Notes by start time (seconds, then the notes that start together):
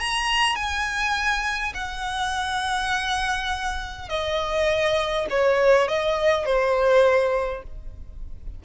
0.00 A#5
0.56 G#5
1.75 F#5
4.09 D#5
5.30 C#5
5.89 D#5
6.46 C5